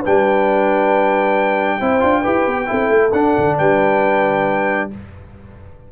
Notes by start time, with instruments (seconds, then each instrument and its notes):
0.00 trombone D4, horn B4, trumpet G5
0.06 tuba G3
1.79 tuba C4, trombone E4, horn C5
2.00 tuba D4, trombone F4
2.21 tuba E4, trombone G4, horn B4
2.46 tuba B3
2.66 tuba C4, trombone E4, horn A4
2.89 tuba A3
3.12 tuba D4, trombone D4, trumpet F#5
3.38 tuba D3
3.58 tuba G3, horn B4, trumpet G5